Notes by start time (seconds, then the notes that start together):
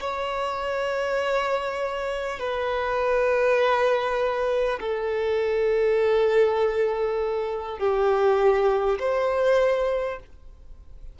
0.00 C#5
2.39 B4
4.80 A4
7.79 G4
8.99 C5